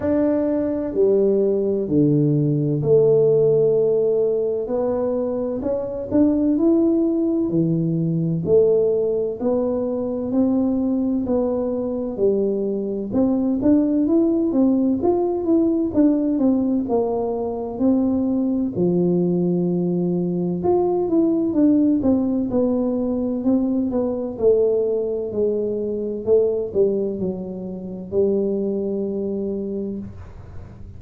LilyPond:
\new Staff \with { instrumentName = "tuba" } { \time 4/4 \tempo 4 = 64 d'4 g4 d4 a4~ | a4 b4 cis'8 d'8 e'4 | e4 a4 b4 c'4 | b4 g4 c'8 d'8 e'8 c'8 |
f'8 e'8 d'8 c'8 ais4 c'4 | f2 f'8 e'8 d'8 c'8 | b4 c'8 b8 a4 gis4 | a8 g8 fis4 g2 | }